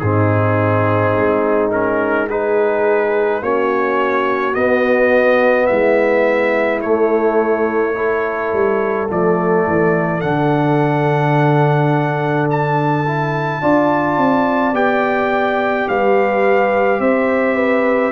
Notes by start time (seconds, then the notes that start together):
0.00 G#2 C4 D#4 G#4
1.16 G#3
1.72 C#4 A#4
2.28 D#4 G#4 B4
3.41 A#3 C#4 F#4 C#5
4.54 B3 D#5
5.67 G#3 E4 E5
6.82 A3 C#5
7.95 E4 A4
8.53 G3
9.09 F3 A3 D5
9.67 E3
10.21 D3 D4 F#5
12.50 A5
13.07 E4
13.62 D4 F4 D5
14.17 C4
14.73 B3 G4 G5
15.88 G3 B4 F5
17.00 C4 C5 E5
17.55 B4